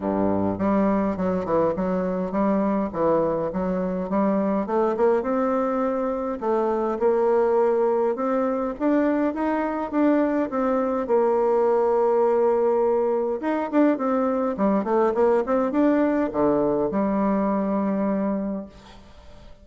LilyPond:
\new Staff \with { instrumentName = "bassoon" } { \time 4/4 \tempo 4 = 103 g,4 g4 fis8 e8 fis4 | g4 e4 fis4 g4 | a8 ais8 c'2 a4 | ais2 c'4 d'4 |
dis'4 d'4 c'4 ais4~ | ais2. dis'8 d'8 | c'4 g8 a8 ais8 c'8 d'4 | d4 g2. | }